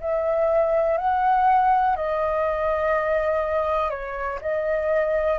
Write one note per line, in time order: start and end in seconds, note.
0.00 0.97 E5
0.97 1.96 F#5
1.96 3.90 D#5
3.90 4.39 C#5
4.41 5.39 D#5